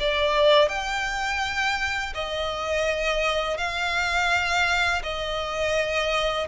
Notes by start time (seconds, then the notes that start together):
0.00 D5
0.69 G5
2.14 D#5
3.58 F5
5.03 D#5